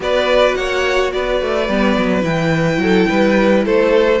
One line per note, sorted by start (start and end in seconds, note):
0.00 0.54 B3
0.00 1.68 F#4
0.00 0.57 B4
0.00 0.55 D5
0.55 1.12 A#3
0.55 1.13 C#5
0.55 1.11 F#5
1.12 1.41 B3
1.12 2.81 B4
1.12 2.23 D5
1.41 1.68 A3
1.68 1.96 G3
1.68 2.21 B3
1.97 2.23 F#3
2.21 2.78 E3
2.21 4.18 E4
2.21 3.64 G5
2.78 3.06 F#3
2.78 3.09 A4
3.09 3.66 G3
3.09 3.65 B4
3.65 4.20 A3
3.65 4.20 A4
3.65 4.20 C5